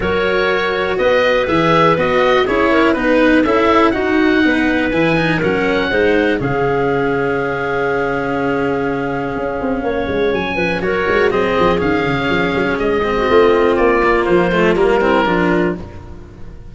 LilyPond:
<<
  \new Staff \with { instrumentName = "oboe" } { \time 4/4 \tempo 4 = 122 cis''2 dis''4 e''4 | dis''4 cis''4 b'4 e''4 | fis''2 gis''4 fis''4~ | fis''4 f''2.~ |
f''1~ | f''4 gis''4 cis''4 dis''4 | f''2 dis''2 | d''4 c''4 ais'2 | }
  \new Staff \with { instrumentName = "clarinet" } { \time 4/4 ais'2 b'2~ | b'4 gis'8 ais'8 b'4 a'4 | fis'4 b'2 ais'4 | c''4 gis'2.~ |
gis'1 | cis''4. b'8 ais'4 gis'4~ | gis'2~ gis'8. fis'16 f'4~ | f'2~ f'8 e'8 f'4 | }
  \new Staff \with { instrumentName = "cello" } { \time 4/4 fis'2. gis'4 | fis'4 e'4 dis'4 e'4 | dis'2 e'8 dis'8 cis'4 | dis'4 cis'2.~ |
cis'1~ | cis'2 fis'4 c'4 | cis'2~ cis'8 c'4.~ | c'8 ais4 a8 ais8 c'8 d'4 | }
  \new Staff \with { instrumentName = "tuba" } { \time 4/4 fis2 b4 e4 | b4 cis'4 b4 cis'4 | dis'4 b4 e4 fis4 | gis4 cis2.~ |
cis2. cis'8 c'8 | ais8 gis8 fis8 f8 fis8 gis8 fis8 f8 | dis8 cis8 f8 fis8 gis4 a4 | ais4 f4 g4 f4 | }
>>